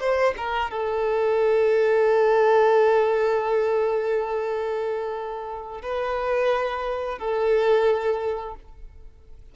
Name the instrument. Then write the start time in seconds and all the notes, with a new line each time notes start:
violin
0.00 C5
0.37 A#4
0.70 A4
5.82 B4
7.19 A4